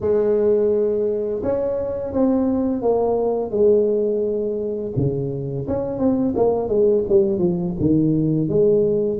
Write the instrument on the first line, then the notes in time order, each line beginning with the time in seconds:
tuba
0.00 G#3
1.42 C#4
2.12 C4
2.82 A#3
3.50 G#3
4.96 C#3
5.67 C#4
5.98 C4
6.36 A#3
6.68 G#3
7.08 G3
7.38 F3
7.80 D#3
8.48 G#3